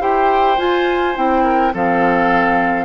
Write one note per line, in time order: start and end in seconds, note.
0.00 0.58 E4
0.00 0.58 G4
0.00 1.44 C5
0.00 0.59 G5
0.58 1.15 F4
0.58 1.16 F4
0.58 1.17 G#5
1.15 1.75 C4
1.15 1.73 E4
1.15 1.75 G5
1.44 1.73 A#4
1.74 2.86 F3
1.74 2.86 C4
1.74 2.86 A4
1.74 2.86 F5